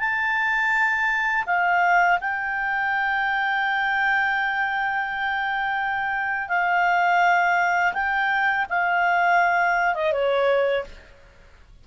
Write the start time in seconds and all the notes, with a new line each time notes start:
0.00 A5
1.47 F5
2.21 G5
6.49 F5
7.94 G5
8.70 F5
9.95 D#5
10.12 C#5